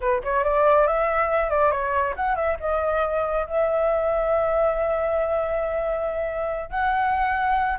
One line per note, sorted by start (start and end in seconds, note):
0.00 0.22 B4
0.23 0.44 C#5
0.44 0.87 D5
0.87 1.50 E5
1.50 1.71 D5
1.71 2.14 C#5
2.15 2.35 F#5
2.35 2.57 E5
2.60 3.46 D#5
3.46 6.70 E5
6.70 7.78 F#5